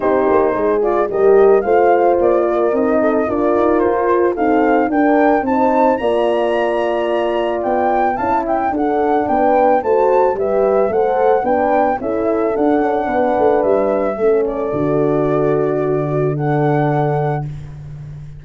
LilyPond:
<<
  \new Staff \with { instrumentName = "flute" } { \time 4/4 \tempo 4 = 110 c''4. d''8 dis''4 f''4 | d''4 dis''4 d''4 c''4 | f''4 g''4 a''4 ais''4~ | ais''2 g''4 a''8 g''8 |
fis''4 g''4 a''4 e''4 | fis''4 g''4 e''4 fis''4~ | fis''4 e''4. d''4.~ | d''2 fis''2 | }
  \new Staff \with { instrumentName = "horn" } { \time 4/4 g'4 gis'4 ais'4 c''4~ | c''8 ais'4 a'8 ais'2 | a'4 ais'4 c''4 d''4~ | d''2. f''8 e''8 |
a'4 b'4 c''4 b'4 | c''4 b'4 a'2 | b'2 a'2~ | a'4 fis'4 a'2 | }
  \new Staff \with { instrumentName = "horn" } { \time 4/4 dis'4. f'8 g'4 f'4~ | f'4 dis'4 f'2 | c'4 d'4 dis'4 f'4~ | f'2. e'4 |
d'2 fis'4 g'4 | a'4 d'4 e'4 d'4~ | d'2 cis'4 fis'4~ | fis'2 d'2 | }
  \new Staff \with { instrumentName = "tuba" } { \time 4/4 c'8 ais8 gis4 g4 a4 | ais4 c'4 d'8 dis'8 f'4 | dis'4 d'4 c'4 ais4~ | ais2 b4 cis'4 |
d'4 b4 a4 g4 | a4 b4 cis'4 d'8 cis'8 | b8 a8 g4 a4 d4~ | d1 | }
>>